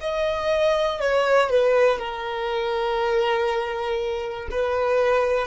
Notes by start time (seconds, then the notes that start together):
0.00 D#5
1.00 C#5
1.50 B4
1.98 A#4
4.51 B4